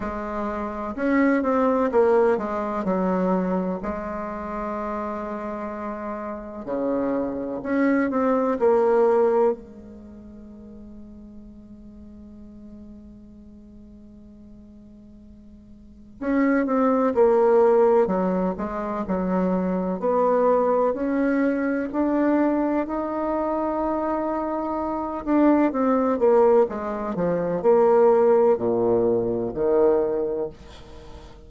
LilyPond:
\new Staff \with { instrumentName = "bassoon" } { \time 4/4 \tempo 4 = 63 gis4 cis'8 c'8 ais8 gis8 fis4 | gis2. cis4 | cis'8 c'8 ais4 gis2~ | gis1~ |
gis4 cis'8 c'8 ais4 fis8 gis8 | fis4 b4 cis'4 d'4 | dis'2~ dis'8 d'8 c'8 ais8 | gis8 f8 ais4 ais,4 dis4 | }